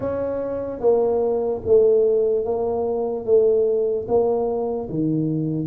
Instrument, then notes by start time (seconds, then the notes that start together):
tuba
0.00 C#4
0.80 A#3
1.65 A3
2.44 A#3
3.25 A3
4.08 A#3
4.89 D#3